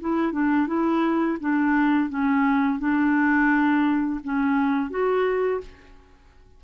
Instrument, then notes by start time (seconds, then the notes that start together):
clarinet
0.00 E4
0.32 D4
0.67 E4
1.40 D4
2.09 C#4
2.79 D4
4.23 C#4
4.90 F#4